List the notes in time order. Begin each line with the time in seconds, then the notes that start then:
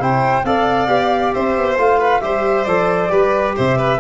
0.00 C3 E4 C5 G5
0.44 C4 A4 D5 F5
0.88 B3 G4
1.33 C4 C5 E5
1.57 B3
1.78 A3 F4 F5
1.99 B4
2.21 G3 G4 C5 E5
2.65 F3 A4 D5
3.09 G3 G4 B4
3.56 C3 C5 E5
3.78 B4